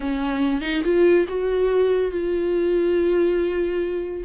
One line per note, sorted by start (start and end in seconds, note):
0.00 0.61 C#4
0.61 0.82 D#4
0.84 1.26 F4
1.28 2.11 F#4
2.11 4.23 F4